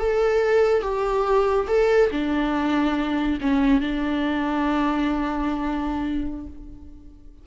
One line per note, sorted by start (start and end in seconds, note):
0.00 0.83 A4
0.83 1.68 G4
1.68 2.10 A4
2.12 3.39 D4
3.41 3.81 C#4
3.81 6.47 D4